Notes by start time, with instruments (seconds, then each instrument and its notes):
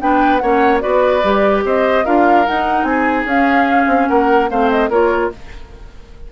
0.00 bassoon B3, clarinet D4, oboe B4, flute G5
0.38 bassoon A#3, clarinet C#4, oboe C#5, flute F#5
0.80 bassoon B3, clarinet F#4, oboe B4, flute D5
1.24 bassoon G3, clarinet G4
1.64 bassoon C4, oboe C5, flute D#5
2.05 bassoon D4, clarinet F4, oboe A#4, flute F5
2.46 clarinet D#4, bassoon D#4, flute F#5
2.83 bassoon C4, oboe G#4, flute G#5
3.25 bassoon C#4, clarinet C#4, flute F5
3.87 bassoon C4
4.09 bassoon A#3, oboe A#4, flute F#5
4.50 bassoon A3, clarinet C4, oboe C5, flute F5
4.70 flute D#5
4.89 bassoon A#3, clarinet F4, oboe A#4, flute C#5